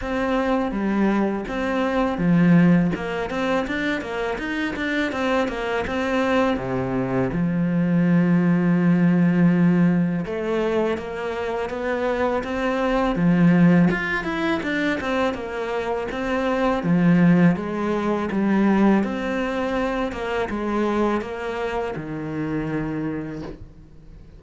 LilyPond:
\new Staff \with { instrumentName = "cello" } { \time 4/4 \tempo 4 = 82 c'4 g4 c'4 f4 | ais8 c'8 d'8 ais8 dis'8 d'8 c'8 ais8 | c'4 c4 f2~ | f2 a4 ais4 |
b4 c'4 f4 f'8 e'8 | d'8 c'8 ais4 c'4 f4 | gis4 g4 c'4. ais8 | gis4 ais4 dis2 | }